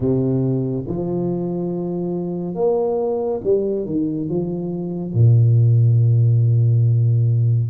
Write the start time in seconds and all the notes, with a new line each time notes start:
0.00 C3
0.87 F3
2.54 A#3
3.43 G3
3.85 D#3
4.29 F3
5.13 A#2